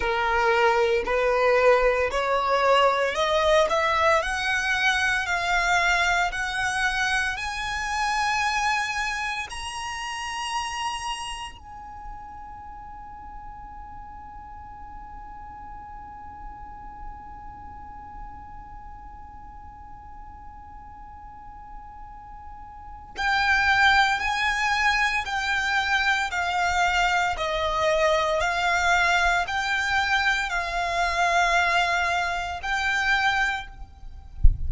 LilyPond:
\new Staff \with { instrumentName = "violin" } { \time 4/4 \tempo 4 = 57 ais'4 b'4 cis''4 dis''8 e''8 | fis''4 f''4 fis''4 gis''4~ | gis''4 ais''2 gis''4~ | gis''1~ |
gis''1~ | gis''2 g''4 gis''4 | g''4 f''4 dis''4 f''4 | g''4 f''2 g''4 | }